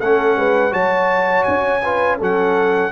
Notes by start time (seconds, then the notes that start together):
0.00 A3 C#4 A4 F#5
0.37 G#3 B4
0.71 F#3 F#4 C#5 A5
1.44 C#4 G#5
1.83 F4 B4
2.18 F#3 C#4 A4 F#5